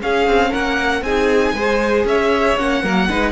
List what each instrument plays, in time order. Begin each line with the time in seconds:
0.00 viola C#4, cello C#4, violin G#4 F5
0.27 cello C4
0.51 cello A#3, violin A#4 F#5
1.02 cello C4, viola D#4, violin G#4 G#5
1.54 cello G#3, viola G#4, violin C5
2.05 cello C#4, violin C#5 E5
2.57 cello A#3, viola C#4, violin F#5
2.83 cello F#3, viola A#3, violin A#4
3.10 cello G#3, viola D#4, violin B4